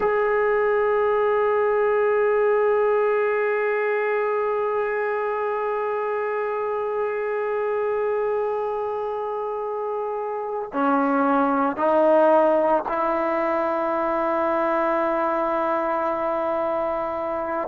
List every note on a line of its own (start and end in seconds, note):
0.00 10.70 G#4
10.72 11.76 C#4
11.76 12.83 D#4
12.88 17.68 E4